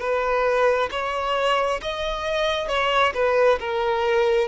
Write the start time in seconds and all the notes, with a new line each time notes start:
0.00 B4
0.91 C#5
1.82 D#5
2.68 C#5
3.14 B4
3.60 A#4